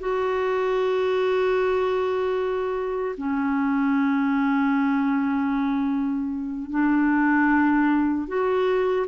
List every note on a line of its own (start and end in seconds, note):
0.00 3.16 F#4
3.18 6.70 C#4
6.70 8.28 D4
8.28 9.07 F#4